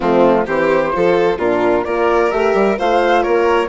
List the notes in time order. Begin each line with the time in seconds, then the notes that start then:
0.00 F3 A3 C4 F4
0.46 E3 C4 G4 C5
0.91 F3 F4 A4
1.37 A#2 D4 F4 A#4
1.84 A#3 F4 A#4 D5
2.30 A3 G4 E5
2.54 G3
2.78 A3 F4 C5 F5
3.22 A#3 A#4 C#5